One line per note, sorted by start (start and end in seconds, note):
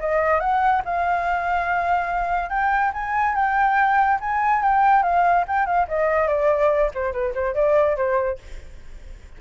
0.00 0.40 D#5
0.40 0.82 F#5
0.85 2.50 F5
2.50 2.92 G5
2.93 3.35 G#5
3.35 4.19 G5
4.20 4.62 G#5
4.62 5.03 G5
5.03 5.45 F5
5.47 5.66 G5
5.66 5.87 F5
5.88 6.27 D#5
6.27 6.90 D5
6.94 7.13 C5
7.13 7.34 B4
7.34 7.54 C5
7.54 7.96 D5
7.96 8.38 C5